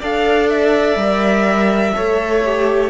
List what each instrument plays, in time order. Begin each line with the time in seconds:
0.00 cello D4, viola A4, violin D5 F5
0.50 violin E5
0.96 cello G3, viola A#4
1.95 cello A3, viola A4, violin C#5
2.45 viola G4